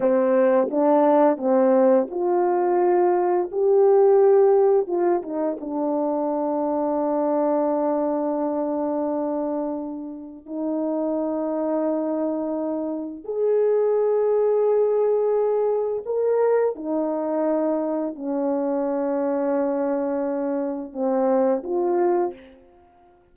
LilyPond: \new Staff \with { instrumentName = "horn" } { \time 4/4 \tempo 4 = 86 c'4 d'4 c'4 f'4~ | f'4 g'2 f'8 dis'8 | d'1~ | d'2. dis'4~ |
dis'2. gis'4~ | gis'2. ais'4 | dis'2 cis'2~ | cis'2 c'4 f'4 | }